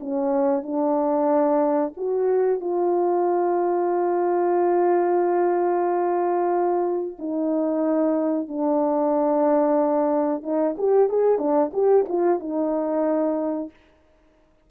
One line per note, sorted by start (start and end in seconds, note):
0.00 0.63 C#4
0.63 1.93 D4
1.97 2.60 F#4
2.60 7.17 F4
7.19 8.48 D#4
8.48 10.43 D4
10.43 10.75 D#4
10.78 11.09 G4
11.09 11.38 G#4
11.38 11.71 D4
11.73 12.06 G4
12.08 12.40 F4
12.40 13.70 D#4